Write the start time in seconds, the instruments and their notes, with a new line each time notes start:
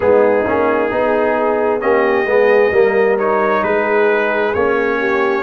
0.00 tuba G#3, trombone B3, horn D#4, trumpet G#4
0.46 tuba A#3, trombone C#4
0.90 tuba B3, trombone D#4, horn G#4
1.80 tuba A#3, trombone C#4, horn G4, trumpet D#5
2.25 tuba G#3, trombone B3, horn G#4
2.71 tuba G3, trombone A#3, horn A#4
3.18 trombone D#4, trumpet C#5
3.62 tuba G#3, horn G#4, trumpet B4
4.54 tuba A#3, trombone C#4, trumpet C#5
4.99 horn G4